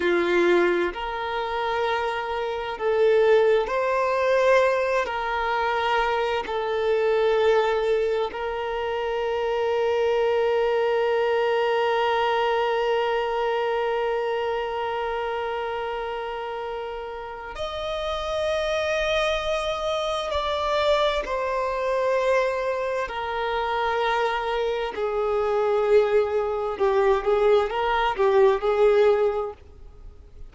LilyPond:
\new Staff \with { instrumentName = "violin" } { \time 4/4 \tempo 4 = 65 f'4 ais'2 a'4 | c''4. ais'4. a'4~ | a'4 ais'2.~ | ais'1~ |
ais'2. dis''4~ | dis''2 d''4 c''4~ | c''4 ais'2 gis'4~ | gis'4 g'8 gis'8 ais'8 g'8 gis'4 | }